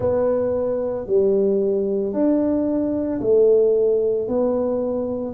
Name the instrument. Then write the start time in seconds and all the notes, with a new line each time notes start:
tuba
0.00 B3
1.07 G3
2.13 D4
3.20 A3
4.28 B3